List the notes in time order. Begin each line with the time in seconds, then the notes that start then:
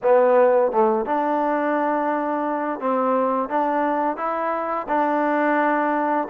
0.02 B3
0.72 A3
1.05 D4
2.80 C4
3.49 D4
4.17 E4
4.88 D4